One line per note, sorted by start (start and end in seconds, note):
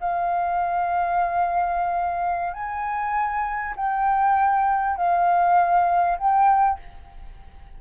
0.00 2.53 F5
2.53 3.75 G#5
3.76 4.96 G5
4.96 6.18 F5
6.18 6.79 G5